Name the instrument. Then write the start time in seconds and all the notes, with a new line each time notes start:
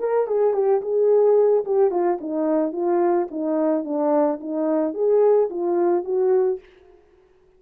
horn
0.00 A#4
0.28 G#4
0.54 G4
0.82 G#4
1.65 G4
1.91 F4
2.21 D#4
2.73 F4
3.31 D#4
3.85 D4
4.41 D#4
4.94 G#4
5.50 F4
6.05 F#4